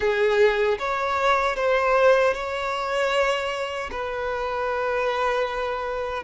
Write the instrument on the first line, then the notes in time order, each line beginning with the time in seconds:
violin
0.00 G#4
0.78 C#5
1.56 C5
2.34 C#5
3.91 B4